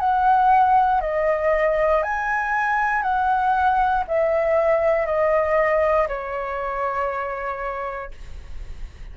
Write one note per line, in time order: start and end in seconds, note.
0.00 1.01 F#5
1.01 2.03 D#5
2.03 3.03 G#5
3.03 4.04 F#5
4.08 5.06 E5
5.06 6.08 D#5
6.08 8.12 C#5